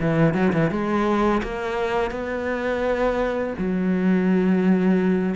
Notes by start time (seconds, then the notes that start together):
0.00 E3
0.34 F#3
0.53 E3
0.70 G#3
1.43 A#3
2.11 B3
3.58 F#3